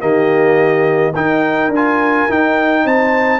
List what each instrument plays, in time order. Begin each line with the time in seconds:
0.00 tuba D#3, trombone A#3, horn G4, trumpet D#5
1.14 trombone D#4, tuba D#4, horn A#4, trumpet G5
1.68 tuba D4
1.75 trombone F4, trumpet G#5
2.29 tuba D#4, trombone D#4, trumpet G5
2.84 tuba C4, horn C5, trumpet A5